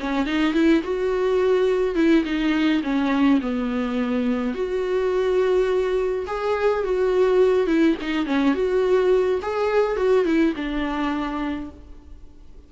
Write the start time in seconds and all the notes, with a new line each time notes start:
0.00 C#4
0.26 D#4
0.54 E4
0.83 F#4
1.95 E4
2.24 D#4
2.83 C#4
3.41 B3
4.54 F#4
6.26 G#4
6.84 F#4
7.66 E4
8.01 D#4
8.26 C#4
8.55 F#4
9.42 G#4
9.96 F#4
10.25 E4
10.56 D4